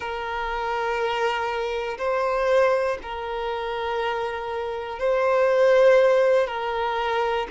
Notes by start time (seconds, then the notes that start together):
0.00 A#4
1.97 C5
3.02 A#4
4.99 C5
6.47 A#4